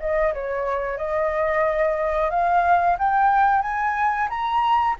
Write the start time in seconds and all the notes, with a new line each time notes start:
0.00 D#5
0.34 C#5
0.98 D#5
2.30 F5
2.99 G5
3.62 G#5
4.30 A#5